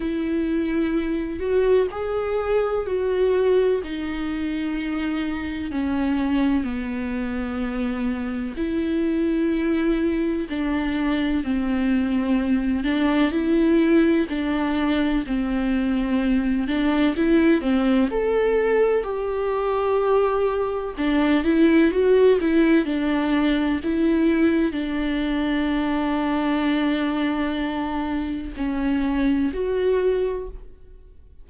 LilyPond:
\new Staff \with { instrumentName = "viola" } { \time 4/4 \tempo 4 = 63 e'4. fis'8 gis'4 fis'4 | dis'2 cis'4 b4~ | b4 e'2 d'4 | c'4. d'8 e'4 d'4 |
c'4. d'8 e'8 c'8 a'4 | g'2 d'8 e'8 fis'8 e'8 | d'4 e'4 d'2~ | d'2 cis'4 fis'4 | }